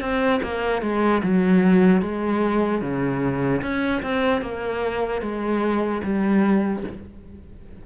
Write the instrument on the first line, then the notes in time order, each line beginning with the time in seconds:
cello
0.00 C4
0.43 A#3
0.82 G#3
1.23 F#3
2.01 G#3
2.81 C#3
3.62 C#4
4.02 C4
4.41 A#3
5.21 G#3
6.03 G3